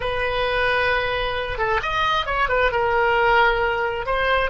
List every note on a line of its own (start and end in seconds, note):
0.00 1.57 B4
1.57 1.80 A4
1.82 2.26 D#5
2.26 2.48 C#5
2.49 2.71 B4
2.71 4.06 A#4
4.06 4.50 C5